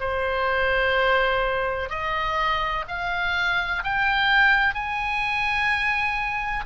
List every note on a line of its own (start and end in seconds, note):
0.00 1.90 C5
1.90 2.85 D#5
2.88 3.84 F5
3.84 4.74 G5
4.74 6.65 G#5